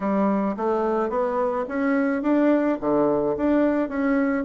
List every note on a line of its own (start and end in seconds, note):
0.00 0.55 G3
0.57 1.09 A3
1.09 1.65 B3
1.68 2.22 C#4
2.22 2.78 D4
2.80 3.36 D3
3.36 3.89 D4
3.89 4.44 C#4